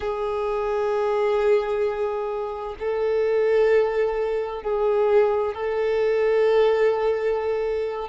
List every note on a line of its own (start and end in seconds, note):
0.00 2.75 G#4
2.79 4.62 A4
4.62 5.54 G#4
5.54 8.08 A4